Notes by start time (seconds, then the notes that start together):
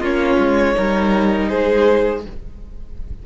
0.00 A#3 C#4 F4 C#5
0.39 G#3
0.74 G3 D#4 A#4
1.48 G#3 G#4 C5